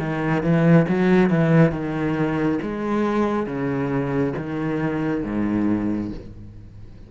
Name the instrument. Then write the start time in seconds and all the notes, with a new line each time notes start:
cello
0.00 D#3
0.43 E3
0.89 F#3
1.30 E3
1.72 D#3
2.62 G#3
3.47 C#3
4.38 D#3
5.24 G#2